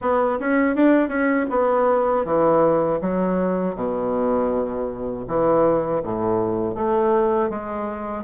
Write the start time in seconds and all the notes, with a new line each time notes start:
0.01 B3
0.39 C#4
0.75 D4
1.08 C#4
1.50 B3
2.24 E3
3.01 F#3
3.75 B2
5.27 E3
6.02 A2
6.75 A3
7.49 G#3